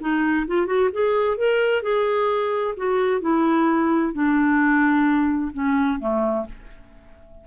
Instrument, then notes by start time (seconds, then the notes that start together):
clarinet
0.00 D#4
0.47 F4
0.66 F#4
0.92 G#4
1.37 A#4
1.82 G#4
2.77 F#4
3.21 E4
4.13 D4
5.53 C#4
5.99 A3